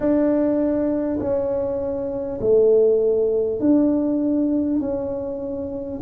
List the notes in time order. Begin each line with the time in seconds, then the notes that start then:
0.00 D4
1.19 C#4
2.40 A3
3.59 D4
4.80 C#4